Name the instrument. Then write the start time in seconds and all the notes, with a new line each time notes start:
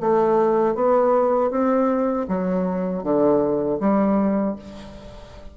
bassoon
0.00 A3
0.75 B3
1.51 C4
2.28 F#3
3.03 D3
3.80 G3